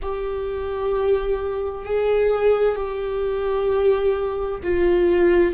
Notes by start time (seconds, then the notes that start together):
0.02 G4
1.85 G#4
2.75 G4
4.63 F4